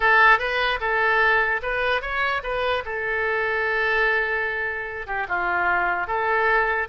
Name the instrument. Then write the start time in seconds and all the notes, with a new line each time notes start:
oboe
0.00 A4
0.39 B4
0.80 A4
1.62 B4
2.01 C#5
2.43 B4
2.85 A4
5.06 G4
5.28 F4
6.07 A4